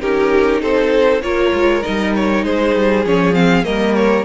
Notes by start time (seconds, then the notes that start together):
0.00 C#4 D#4 G4 A#4
0.61 C4 A4 C5
1.22 A#3 F4 A#4 C#5
1.53 G#3
1.82 G3 D#4 D#5
2.15 C#5
2.44 G#3 G#4 C5
2.74 G3
3.05 F3 C#4 C#5
3.33 C4 F5
3.63 G3 A#3 A#4 D#5
3.94 C#5